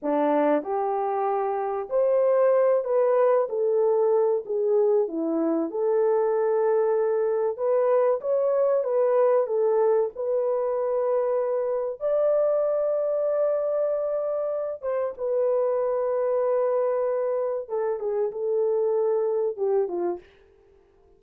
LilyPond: \new Staff \with { instrumentName = "horn" } { \time 4/4 \tempo 4 = 95 d'4 g'2 c''4~ | c''8 b'4 a'4. gis'4 | e'4 a'2. | b'4 cis''4 b'4 a'4 |
b'2. d''4~ | d''2.~ d''8 c''8 | b'1 | a'8 gis'8 a'2 g'8 f'8 | }